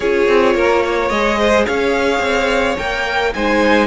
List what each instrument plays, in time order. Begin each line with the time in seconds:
0.00 cello C#4, viola F4, violin G#4 C#5
0.28 cello C4
0.54 cello A#3, violin A#4
0.84 violin C#5
1.09 cello G#3, viola G#4, violin D#5
1.38 violin C5
1.66 cello C#4, violin C#5 F5
2.19 cello C4
2.77 cello A#3, viola A#4, violin G5
3.34 cello G#3, viola D#4, violin C5 G#5